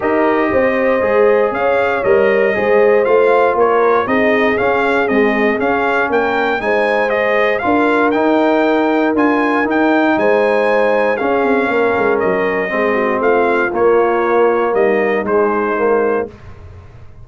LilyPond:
<<
  \new Staff \with { instrumentName = "trumpet" } { \time 4/4 \tempo 4 = 118 dis''2. f''4 | dis''2 f''4 cis''4 | dis''4 f''4 dis''4 f''4 | g''4 gis''4 dis''4 f''4 |
g''2 gis''4 g''4 | gis''2 f''2 | dis''2 f''4 cis''4~ | cis''4 dis''4 c''2 | }
  \new Staff \with { instrumentName = "horn" } { \time 4/4 ais'4 c''2 cis''4~ | cis''4 c''2 ais'4 | gis'1 | ais'4 c''2 ais'4~ |
ais'1 | c''2 gis'4 ais'4~ | ais'4 gis'8 fis'8 f'2~ | f'4 dis'2. | }
  \new Staff \with { instrumentName = "trombone" } { \time 4/4 g'2 gis'2 | ais'4 gis'4 f'2 | dis'4 cis'4 gis4 cis'4~ | cis'4 dis'4 gis'4 f'4 |
dis'2 f'4 dis'4~ | dis'2 cis'2~ | cis'4 c'2 ais4~ | ais2 gis4 ais4 | }
  \new Staff \with { instrumentName = "tuba" } { \time 4/4 dis'4 c'4 gis4 cis'4 | g4 gis4 a4 ais4 | c'4 cis'4 c'4 cis'4 | ais4 gis2 d'4 |
dis'2 d'4 dis'4 | gis2 cis'8 c'8 ais8 gis8 | fis4 gis4 a4 ais4~ | ais4 g4 gis2 | }
>>